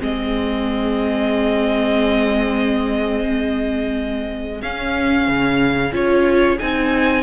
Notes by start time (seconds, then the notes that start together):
0.00 G#3 C4 G#4 D#5
4.62 C#4 F5
5.29 C#3
5.93 C#4 F4 C#5
6.59 C4 D#4 G#5